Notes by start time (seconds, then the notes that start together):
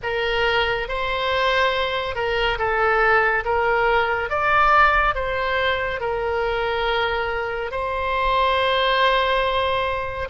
0.02 A#4
0.88 C5
2.15 A#4
2.58 A4
3.44 A#4
4.29 D5
5.14 C5
6.00 A#4
7.71 C5